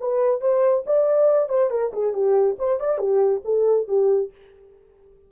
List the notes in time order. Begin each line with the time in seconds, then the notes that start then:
0.00 B4
0.41 C5
0.86 D5
1.49 C5
1.70 A#4
1.93 G#4
2.13 G4
2.58 C5
2.79 D5
2.98 G4
3.44 A4
3.88 G4